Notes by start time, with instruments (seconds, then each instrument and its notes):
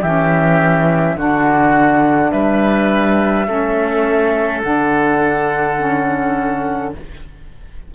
0.00 cello E3, saxophone C#4, oboe G4, flute E5
1.15 cello D3, saxophone D4, oboe F#4, flute F#5
2.31 cello G3, oboe B4, flute E5
3.47 cello A3, saxophone C#4, oboe A4
4.62 cello D3, saxophone D4, flute F#5
5.78 saxophone C#4